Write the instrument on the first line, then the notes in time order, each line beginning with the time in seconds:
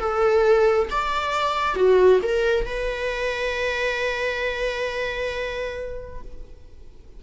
viola
0.00 A4
0.91 D5
1.76 F#4
2.23 A#4
2.66 B4